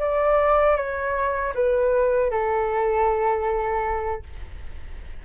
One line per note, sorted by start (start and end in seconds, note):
0.00 0.77 D5
0.77 1.54 C#5
1.55 2.31 B4
2.31 4.23 A4